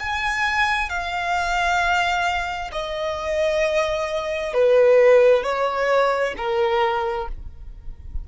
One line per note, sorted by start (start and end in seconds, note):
0.00 0.90 G#5
0.90 2.71 F5
2.72 4.54 D#5
4.54 5.44 B4
5.44 6.35 C#5
6.38 7.29 A#4